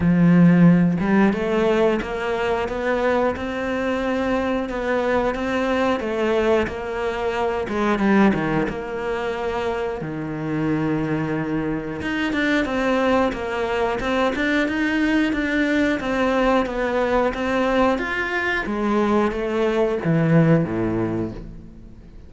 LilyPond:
\new Staff \with { instrumentName = "cello" } { \time 4/4 \tempo 4 = 90 f4. g8 a4 ais4 | b4 c'2 b4 | c'4 a4 ais4. gis8 | g8 dis8 ais2 dis4~ |
dis2 dis'8 d'8 c'4 | ais4 c'8 d'8 dis'4 d'4 | c'4 b4 c'4 f'4 | gis4 a4 e4 a,4 | }